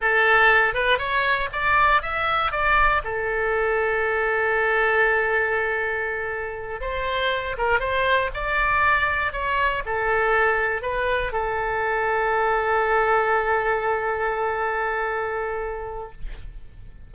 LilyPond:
\new Staff \with { instrumentName = "oboe" } { \time 4/4 \tempo 4 = 119 a'4. b'8 cis''4 d''4 | e''4 d''4 a'2~ | a'1~ | a'4. c''4. ais'8 c''8~ |
c''8 d''2 cis''4 a'8~ | a'4. b'4 a'4.~ | a'1~ | a'1 | }